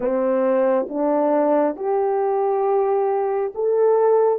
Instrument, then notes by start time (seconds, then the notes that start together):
horn
0.00 C4
0.88 D4
1.76 G4
3.55 A4